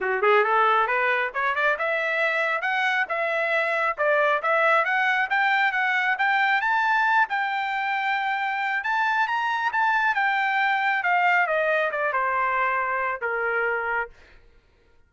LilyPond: \new Staff \with { instrumentName = "trumpet" } { \time 4/4 \tempo 4 = 136 fis'8 gis'8 a'4 b'4 cis''8 d''8 | e''2 fis''4 e''4~ | e''4 d''4 e''4 fis''4 | g''4 fis''4 g''4 a''4~ |
a''8 g''2.~ g''8 | a''4 ais''4 a''4 g''4~ | g''4 f''4 dis''4 d''8 c''8~ | c''2 ais'2 | }